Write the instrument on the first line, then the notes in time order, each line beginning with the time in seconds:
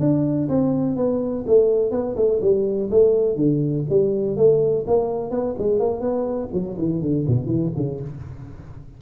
tuba
0.00 D4
0.49 C4
0.97 B3
1.47 A3
1.91 B3
2.16 A3
2.42 G3
2.91 A3
3.36 D3
3.90 G3
4.37 A3
4.87 A#3
5.31 B3
5.59 G#3
5.80 A#3
6.01 B3
6.53 F#3
6.79 E3
7.02 D3
7.28 B2
7.46 E3
7.76 C#3